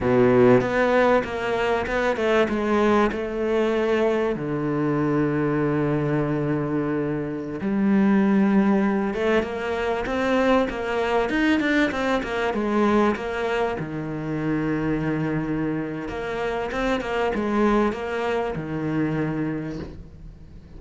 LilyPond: \new Staff \with { instrumentName = "cello" } { \time 4/4 \tempo 4 = 97 b,4 b4 ais4 b8 a8 | gis4 a2 d4~ | d1~ | d16 g2~ g8 a8 ais8.~ |
ais16 c'4 ais4 dis'8 d'8 c'8 ais16~ | ais16 gis4 ais4 dis4.~ dis16~ | dis2 ais4 c'8 ais8 | gis4 ais4 dis2 | }